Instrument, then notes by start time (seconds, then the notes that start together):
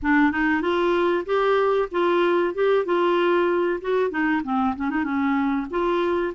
clarinet
0.02 D4
0.31 D#4
0.61 F4
1.25 G4
1.91 F4
2.54 G4
2.85 F4
3.81 F#4
4.10 D#4
4.43 C4
4.76 C#4
4.89 D#4
5.04 C#4
5.70 F4